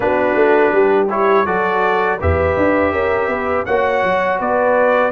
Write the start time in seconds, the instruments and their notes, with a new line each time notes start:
0.00 tuba B3, trombone D4, horn F#4, trumpet B4
0.34 tuba A3
0.72 tuba G3, horn G4
1.09 trombone E4, trumpet C#5
1.45 tuba F#3, trombone F#4, horn A4, trumpet D5
2.20 tuba E2, trombone G4, horn B4, trumpet E5
2.56 tuba D4
2.92 tuba C#4, horn A#4
3.27 tuba B3, horn B4
3.65 tuba A#3, trombone F#4, horn C#5, trumpet F#5
4.03 tuba F#3
4.39 tuba B3, horn B4, trumpet D5